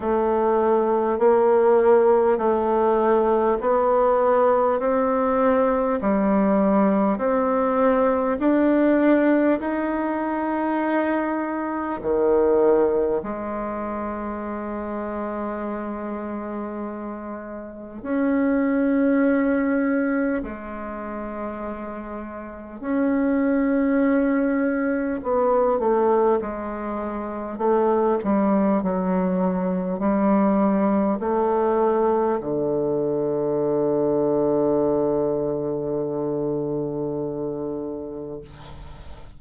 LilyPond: \new Staff \with { instrumentName = "bassoon" } { \time 4/4 \tempo 4 = 50 a4 ais4 a4 b4 | c'4 g4 c'4 d'4 | dis'2 dis4 gis4~ | gis2. cis'4~ |
cis'4 gis2 cis'4~ | cis'4 b8 a8 gis4 a8 g8 | fis4 g4 a4 d4~ | d1 | }